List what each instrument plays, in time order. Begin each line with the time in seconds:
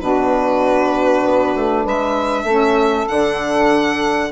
0.00 bassoon B2, saxophone D4 F#4, violin B4
1.24 bassoon B3
1.55 bassoon A3
1.84 bassoon G#3, saxophone B4, violin E5
2.44 bassoon A3, saxophone C#4 A4
3.08 bassoon D3, saxophone D4, violin F#5